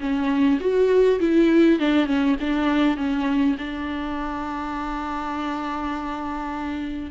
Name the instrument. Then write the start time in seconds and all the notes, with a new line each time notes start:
viola
0.00 C#4
0.60 F#4
1.20 E4
1.80 D4
2.06 C#4
2.40 D4
2.97 C#4
3.58 D4